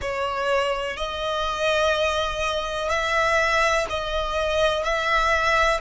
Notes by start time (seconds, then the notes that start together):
0.01 C#5
0.97 D#5
2.89 E5
3.89 D#5
4.83 E5